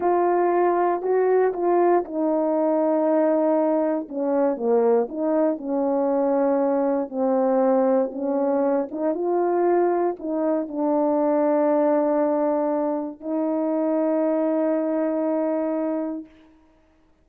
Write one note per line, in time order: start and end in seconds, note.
0.00 1.01 F4
1.01 1.52 F#4
1.53 2.03 F4
2.04 4.08 D#4
4.08 4.56 C#4
4.56 5.07 A#3
5.08 5.57 D#4
5.57 7.09 C#4
7.09 8.11 C4
8.12 8.88 C#4
8.91 9.14 D#4
9.14 10.16 F4
10.19 10.68 D#4
10.68 13.20 D4
13.20 16.25 D#4